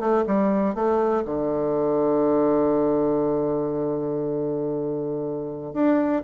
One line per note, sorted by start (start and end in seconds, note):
0.00 0.24 A3
0.27 0.75 G3
0.75 1.24 A3
1.25 5.74 D3
5.74 6.22 D4